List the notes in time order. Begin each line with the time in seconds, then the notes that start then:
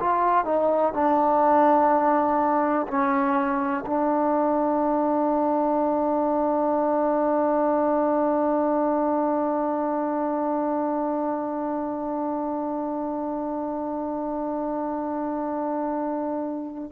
0.00 F4
0.45 D#4
0.93 D4
2.88 C#4
3.86 D4